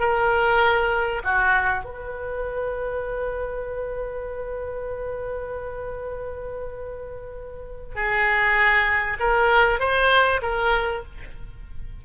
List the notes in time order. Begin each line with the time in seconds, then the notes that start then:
0.00 A#4
1.24 F#4
1.85 B4
7.95 G#4
9.20 A#4
9.80 C5
10.42 A#4